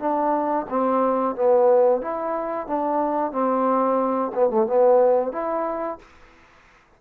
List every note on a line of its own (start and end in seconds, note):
0.00 0.67 D4
0.70 1.36 C4
1.36 2.02 B3
2.02 2.67 E4
2.67 3.32 D4
3.32 4.32 C4
4.35 4.50 B3
4.50 4.67 A3
4.67 5.33 B3
5.33 5.99 E4